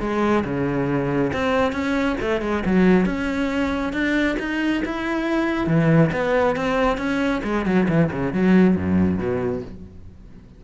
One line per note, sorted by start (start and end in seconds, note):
0.00 0.44 G#3
0.44 1.32 C#3
1.33 1.72 C4
1.72 2.16 C#4
2.21 2.41 A3
2.41 2.63 G#3
2.66 3.06 F#3
3.06 3.93 C#4
3.93 4.36 D4
4.39 4.83 D#4
4.85 5.67 E4
5.67 6.11 E3
6.12 6.56 B3
6.56 6.98 C4
6.98 7.41 C#4
7.44 7.65 G#3
7.65 7.87 F#3
7.88 8.10 E3
8.12 8.33 C#3
8.33 8.76 F#3
8.76 9.18 F#2
9.18 9.62 B2